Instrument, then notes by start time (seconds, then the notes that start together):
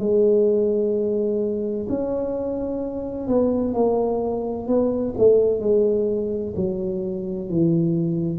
tuba
0.00 G#3
1.90 C#4
3.28 B3
3.75 A#3
4.68 B3
5.18 A3
5.61 G#3
6.57 F#3
7.50 E3